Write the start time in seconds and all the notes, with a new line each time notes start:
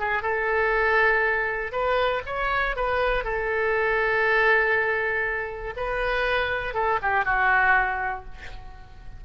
0.00 G#4
0.23 A4
1.72 B4
2.26 C#5
2.76 B4
3.24 A4
5.77 B4
6.75 A4
7.02 G4
7.25 F#4